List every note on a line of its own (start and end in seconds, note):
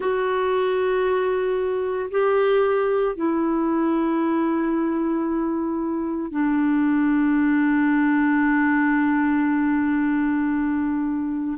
0.00 2.10 F#4
2.11 3.15 G4
3.15 6.31 E4
6.31 11.57 D4